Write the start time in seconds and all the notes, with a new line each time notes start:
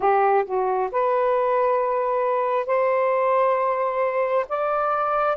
0.00 G4
0.45 F#4
0.91 B4
2.66 C5
4.48 D5